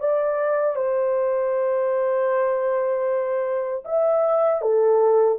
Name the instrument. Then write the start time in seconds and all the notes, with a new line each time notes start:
horn
0.00 D5
0.76 C5
3.85 E5
4.61 A4